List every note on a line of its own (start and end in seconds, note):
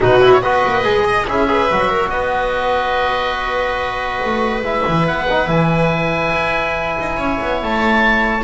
0.00 0.43 B2
0.00 0.20 D#4
0.00 0.42 F#4
0.00 0.32 B4
0.21 0.42 E4
0.32 0.42 C#5
0.42 0.64 B3
0.42 0.84 F#4
0.42 1.04 B4
0.42 1.26 D#5
0.65 0.85 A#3
0.84 1.27 G#3
0.84 1.26 G#4
1.04 1.25 D#5
1.27 1.70 C#4
1.27 1.47 E4
1.27 1.48 G#4
1.27 2.09 E5
1.47 1.68 G#4
1.47 1.89 B4
1.71 2.09 F#3
1.71 4.63 F#4
1.89 2.10 A#4
2.09 4.20 B3
2.09 7.16 B4
2.09 4.63 D#5
4.24 4.61 A3
4.61 4.82 G#3
4.61 5.26 E4
4.61 5.07 E5
4.87 5.08 E3
5.07 5.47 B3
5.07 5.49 F#5
5.30 5.45 D#4
5.45 6.32 E3
5.45 8.41 E4
5.45 7.61 G#5
6.33 6.97 E4
6.99 7.18 D#4
7.16 7.39 C#4
7.16 8.43 C#5
7.41 7.62 B3
7.62 8.43 A3
7.62 8.43 A5